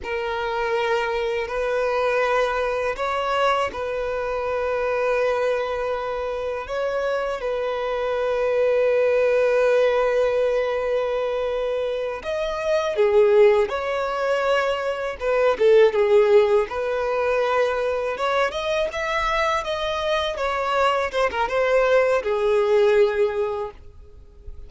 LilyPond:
\new Staff \with { instrumentName = "violin" } { \time 4/4 \tempo 4 = 81 ais'2 b'2 | cis''4 b'2.~ | b'4 cis''4 b'2~ | b'1~ |
b'8 dis''4 gis'4 cis''4.~ | cis''8 b'8 a'8 gis'4 b'4.~ | b'8 cis''8 dis''8 e''4 dis''4 cis''8~ | cis''8 c''16 ais'16 c''4 gis'2 | }